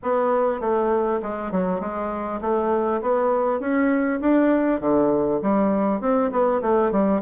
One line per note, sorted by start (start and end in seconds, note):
0.02 0.60 B3
0.60 1.20 A3
1.22 1.51 G#3
1.51 1.80 F#3
1.80 2.40 G#3
2.41 3.01 A3
3.01 3.60 B3
3.60 4.20 C#4
4.21 4.80 D4
4.80 5.40 D3
5.41 6.00 G3
6.00 6.30 C4
6.31 6.61 B3
6.61 6.91 A3
6.91 7.21 G3